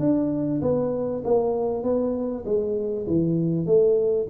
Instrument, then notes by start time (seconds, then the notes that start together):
tuba
0.00 D4
0.62 B3
1.24 A#3
1.83 B3
2.45 G#3
3.07 E3
3.66 A3